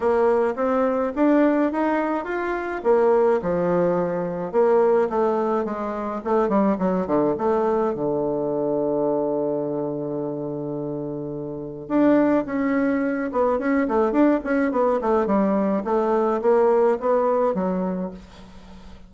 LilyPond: \new Staff \with { instrumentName = "bassoon" } { \time 4/4 \tempo 4 = 106 ais4 c'4 d'4 dis'4 | f'4 ais4 f2 | ais4 a4 gis4 a8 g8 | fis8 d8 a4 d2~ |
d1~ | d4 d'4 cis'4. b8 | cis'8 a8 d'8 cis'8 b8 a8 g4 | a4 ais4 b4 fis4 | }